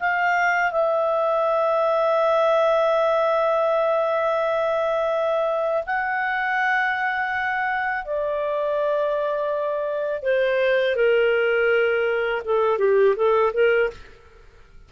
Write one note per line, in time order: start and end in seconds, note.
0.00 0.72 F5
0.72 5.84 E5
5.86 8.05 F#5
8.05 10.23 D5
10.23 10.96 C5
10.96 12.42 A#4
12.45 12.79 A4
12.79 13.15 G4
13.16 13.53 A4
13.54 13.90 A#4